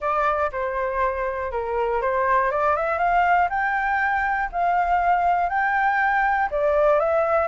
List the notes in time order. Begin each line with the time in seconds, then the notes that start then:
0.00 D5
0.52 C5
1.51 A#4
2.01 C5
2.51 D5
2.76 E5
2.98 F5
3.49 G5
4.52 F5
5.49 G5
6.50 D5
6.99 E5